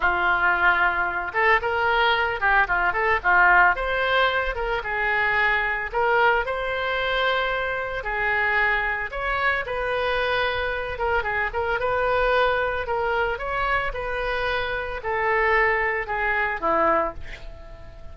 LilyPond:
\new Staff \with { instrumentName = "oboe" } { \time 4/4 \tempo 4 = 112 f'2~ f'8 a'8 ais'4~ | ais'8 g'8 f'8 a'8 f'4 c''4~ | c''8 ais'8 gis'2 ais'4 | c''2. gis'4~ |
gis'4 cis''4 b'2~ | b'8 ais'8 gis'8 ais'8 b'2 | ais'4 cis''4 b'2 | a'2 gis'4 e'4 | }